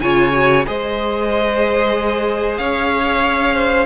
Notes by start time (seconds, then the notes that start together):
0.00 C#3 F4 C#5 G#5
0.32 F#4
0.66 G#3 G#4 C5 D#5
2.57 C#4 C#5 F5
3.54 C5